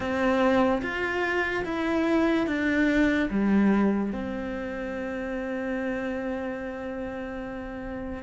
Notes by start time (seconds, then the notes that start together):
0.00 C4
0.81 F4
1.64 E4
2.47 D4
3.30 G3
4.12 C4